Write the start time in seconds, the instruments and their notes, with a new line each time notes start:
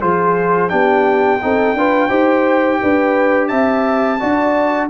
0.00 tuba F3, trombone F4, horn G#4, trumpet C5
0.68 tuba B3, trombone D4, horn G4, trumpet G5
1.41 tuba C4, trombone D#4, horn A4
1.73 tuba D4, trombone F4, horn B4
2.08 tuba D#4, trombone G4, horn C5
2.81 tuba D4, horn B4
3.47 tuba C4, horn E5, trumpet A5
4.19 tuba D4, trombone F#4, horn D5